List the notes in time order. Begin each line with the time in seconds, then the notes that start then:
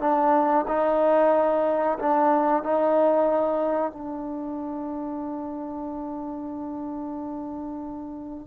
0.00 D4
0.68 D#4
1.99 D4
2.63 D#4
3.92 D4